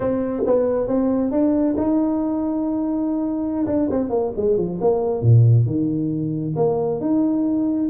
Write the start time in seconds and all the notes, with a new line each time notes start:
0.00 C4
0.46 B3
0.87 C4
1.31 D4
1.77 D#4
3.66 D4
3.90 C4
4.09 A#3
4.36 G#3
4.57 F3
4.81 A#3
5.21 A#2
5.65 D#3
6.56 A#3
7.00 D#4